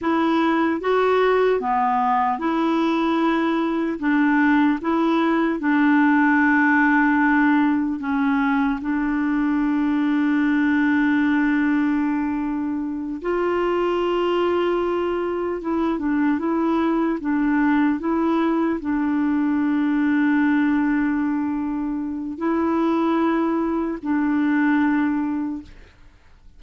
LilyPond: \new Staff \with { instrumentName = "clarinet" } { \time 4/4 \tempo 4 = 75 e'4 fis'4 b4 e'4~ | e'4 d'4 e'4 d'4~ | d'2 cis'4 d'4~ | d'1~ |
d'8 f'2. e'8 | d'8 e'4 d'4 e'4 d'8~ | d'1 | e'2 d'2 | }